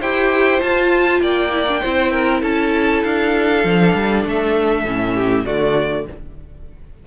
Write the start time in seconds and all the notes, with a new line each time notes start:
0.00 E4 G4 C5 G5
0.60 F4 A5
1.21 A#3 D5 G5
1.52 E4
1.68 D4
1.82 C4 E4 C5
2.12 A#4
2.42 C#4 A4 A5
3.04 D4 F5
3.64 F3 D4
3.95 G3
4.25 A3 E5
4.85 A2 C#4
5.15 G4
5.46 D3 A3 F#4 D5